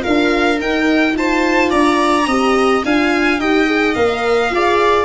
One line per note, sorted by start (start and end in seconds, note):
0.00 0.56 F4
0.00 1.15 A#4
0.00 0.60 F5
0.07 0.60 D4
0.60 1.72 D#4
0.60 1.12 D#4
0.60 1.17 G5
1.12 2.25 F4
1.12 1.71 A5
1.19 1.70 C5
1.70 2.27 D4
1.70 2.26 D5
1.70 2.83 A#5
2.27 2.83 C4
2.27 2.84 G4
2.27 2.84 D#5
2.84 3.39 D4
2.84 3.40 F4
2.84 3.40 F5
2.84 3.40 G#5
3.39 3.95 D#4
3.39 3.66 G4
3.39 4.53 D#5
3.39 3.95 G5
3.66 3.95 G#4
3.95 4.51 A#3
3.95 4.52 A#4
3.95 5.05 F5
4.51 5.05 F4
4.51 5.05 G#4
4.51 5.05 D5